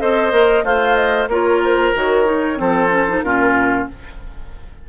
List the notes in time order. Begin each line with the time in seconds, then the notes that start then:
0.00 C4 A4 C5 D#5
0.32 A#3 A#4
0.64 A3 F4 C5 F5
0.96 D#5
1.28 A#3 F4 A#4 C#5
1.64 C5
1.95 D#3 F#4 C#5
2.26 D#4
2.57 F3 C4 A4 C5
2.90 C#4
3.09 D#4
3.23 A#2 C#4 F4 A#4